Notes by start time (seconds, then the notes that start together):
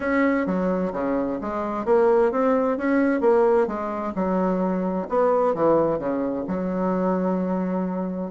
0.00 C#4
0.46 F#3
0.93 C#3
1.41 G#3
1.85 A#3
2.31 C4
2.77 C#4
3.21 A#3
3.67 G#3
4.15 F#3
5.09 B3
5.54 E3
5.98 C#3
6.47 F#3